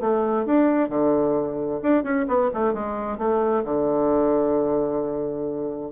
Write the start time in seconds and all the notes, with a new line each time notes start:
0.00 A3
0.45 D4
0.89 D3
1.82 D4
2.03 C#4
2.27 B3
2.53 A3
2.73 G#3
3.18 A3
3.64 D3